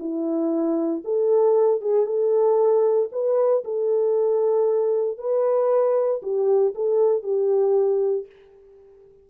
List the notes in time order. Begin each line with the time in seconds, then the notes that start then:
0.00 E4
1.05 A4
1.82 G#4
2.06 A4
3.12 B4
3.65 A4
5.18 B4
6.23 G4
6.75 A4
7.23 G4